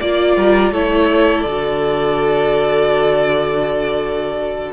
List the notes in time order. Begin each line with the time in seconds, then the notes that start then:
0.00 A#3 F4 D5
0.36 G3 A#4
0.71 A3 E4 A4 C#5
1.42 D3 D5
1.48 F#4